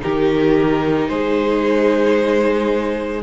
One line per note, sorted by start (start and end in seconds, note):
0.00 1.09 D#3
0.00 3.21 D#4
0.00 1.09 G4
0.00 1.08 A#4
1.08 3.23 G#3
1.08 3.23 G#4
1.08 3.22 C5